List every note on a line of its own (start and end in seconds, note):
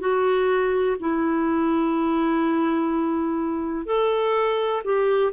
0.00 0.97 F#4
1.00 3.86 E4
3.86 4.83 A4
4.84 5.33 G4